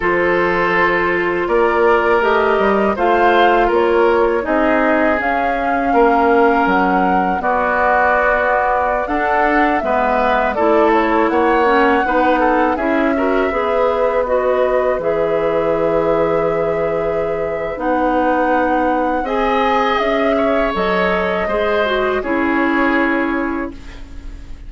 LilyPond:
<<
  \new Staff \with { instrumentName = "flute" } { \time 4/4 \tempo 4 = 81 c''2 d''4 dis''4 | f''4 cis''4 dis''4 f''4~ | f''4 fis''4 d''2~ | d''16 fis''4 e''4 d''8 cis''8 fis''8.~ |
fis''4~ fis''16 e''2 dis''8.~ | dis''16 e''2.~ e''8. | fis''2 gis''4 e''4 | dis''2 cis''2 | }
  \new Staff \with { instrumentName = "oboe" } { \time 4/4 a'2 ais'2 | c''4 ais'4 gis'2 | ais'2 fis'2~ | fis'16 a'4 b'4 a'4 cis''8.~ |
cis''16 b'8 a'8 gis'8 ais'8 b'4.~ b'16~ | b'1~ | b'2 dis''4. cis''8~ | cis''4 c''4 gis'2 | }
  \new Staff \with { instrumentName = "clarinet" } { \time 4/4 f'2. g'4 | f'2 dis'4 cis'4~ | cis'2 b2~ | b16 d'4 b4 e'4. cis'16~ |
cis'16 dis'4 e'8 fis'8 gis'4 fis'8.~ | fis'16 gis'2.~ gis'8. | dis'2 gis'2 | a'4 gis'8 fis'8 e'2 | }
  \new Staff \with { instrumentName = "bassoon" } { \time 4/4 f2 ais4 a8 g8 | a4 ais4 c'4 cis'4 | ais4 fis4 b2~ | b16 d'4 gis4 a4 ais8.~ |
ais16 b4 cis'4 b4.~ b16~ | b16 e2.~ e8. | b2 c'4 cis'4 | fis4 gis4 cis'2 | }
>>